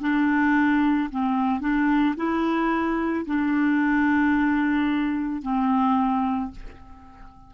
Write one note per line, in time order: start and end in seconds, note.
0.00 1.09 D4
1.10 1.60 C4
1.60 2.15 D4
2.16 3.25 E4
3.26 5.42 D4
5.42 6.51 C4